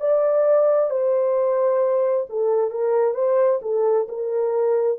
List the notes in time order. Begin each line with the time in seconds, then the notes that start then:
0.00 D5
0.90 C5
2.29 A4
2.71 A#4
3.14 C5
3.62 A4
4.08 A#4